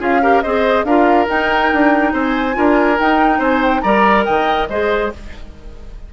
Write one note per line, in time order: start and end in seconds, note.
0.00 0.43 C#4
0.00 0.21 F4
0.00 0.22 G#4
0.00 0.42 F5
0.22 0.44 G4
0.22 0.43 A#4
0.42 0.85 C4
0.42 0.88 G#4
0.42 0.86 C5
0.42 0.84 D#5
0.85 1.27 D4
0.85 1.27 F4
0.85 2.14 A#4
0.85 1.27 F5
1.27 2.54 D#4
1.27 1.72 D#4
1.27 2.15 G5
1.73 2.14 D4
2.14 2.56 C4
2.14 2.56 C5
2.14 3.00 G#5
2.54 3.00 D4
2.54 2.96 F4
2.54 3.39 A#4
3.00 3.39 D#4
3.00 3.84 D#4
3.00 3.42 G5
3.39 3.82 C4
3.39 3.81 C5
3.39 3.63 G#5
3.63 3.81 G5
3.81 4.27 G3
3.81 4.70 A#4
3.81 4.26 D5
3.81 4.24 A#5
4.25 4.70 D#3
4.25 4.69 D#5
4.25 4.68 G5
4.69 5.12 G#3
4.69 5.13 G#4
4.69 5.12 C5
4.69 5.12 D#5